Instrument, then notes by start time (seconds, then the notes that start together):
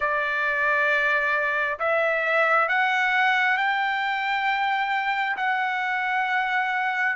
trumpet
0.00 D5
1.79 E5
2.68 F#5
3.57 G5
5.36 F#5